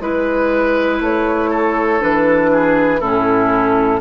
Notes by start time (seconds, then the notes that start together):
0.00 G#3 E4 B4
1.00 A3 C#5
1.50 A4
2.00 E3 D4 B4
2.52 G#4
3.00 A2 C#4 E4 A4